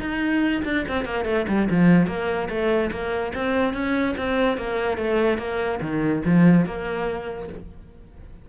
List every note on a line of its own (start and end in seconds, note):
0.00 0.62 D#4
0.65 0.86 D4
0.88 1.05 C4
1.05 1.25 A#3
1.25 1.46 A3
1.48 1.69 G3
1.70 2.07 F3
2.07 2.49 A#3
2.50 2.91 A3
2.92 3.33 A#3
3.35 3.74 C4
3.74 4.15 C#4
4.18 4.58 C4
4.58 4.97 A#3
4.97 5.38 A3
5.38 5.80 A#3
5.82 6.23 D#3
6.26 6.66 F3
6.66 7.49 A#3